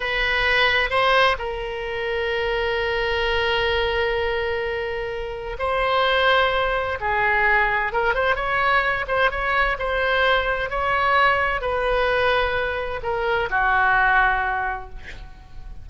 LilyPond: \new Staff \with { instrumentName = "oboe" } { \time 4/4 \tempo 4 = 129 b'2 c''4 ais'4~ | ais'1~ | ais'1 | c''2. gis'4~ |
gis'4 ais'8 c''8 cis''4. c''8 | cis''4 c''2 cis''4~ | cis''4 b'2. | ais'4 fis'2. | }